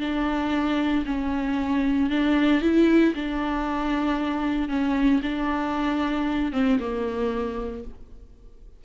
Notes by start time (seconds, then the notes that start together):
0.00 D4
1.06 C#4
2.10 D4
2.62 E4
3.15 D4
4.69 C#4
5.23 D4
6.53 C4
6.80 A#3